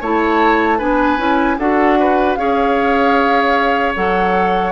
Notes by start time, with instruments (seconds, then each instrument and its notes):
0.00 bassoon A3, clarinet E4, oboe C#5, flute A5
0.78 bassoon B3, clarinet D4, oboe B4, flute G#5
1.17 bassoon C#4, clarinet E4
1.58 bassoon D4, clarinet F#4, oboe A4, flute F#5
1.99 oboe B4
2.34 bassoon C#4, clarinet G#4, oboe C#5, flute F5
3.95 bassoon F#3, clarinet A4, flute F#5